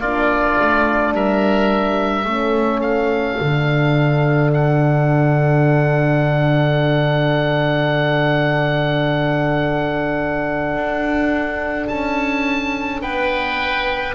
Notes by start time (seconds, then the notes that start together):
0.00 A#3 D4 F4 D5
0.60 A3
1.13 G3 A#4 E5
2.26 A3 C#4 A4
2.81 F5
3.41 D3 D4
4.54 F#5
10.76 D4
11.88 C#4 A5
13.02 B3 B4 G5